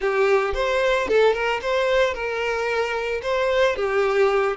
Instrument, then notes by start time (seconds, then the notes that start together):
violin
0.00 G4
0.54 C5
1.07 A4
1.33 A#4
1.61 C5
2.14 A#4
3.22 C5
3.76 G4